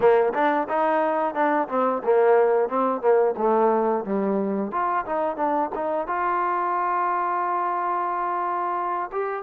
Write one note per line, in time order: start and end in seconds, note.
0.00 0.33 A#3
0.34 0.67 D4
0.68 1.34 D#4
1.34 1.68 D4
1.68 2.02 C4
2.03 2.68 A#3
2.68 3.01 C4
3.01 3.34 A#3
3.37 4.04 A3
4.04 4.71 G3
4.71 5.05 F4
5.05 5.36 D#4
5.36 5.70 D4
5.74 6.07 D#4
6.07 9.10 F4
9.12 9.43 G4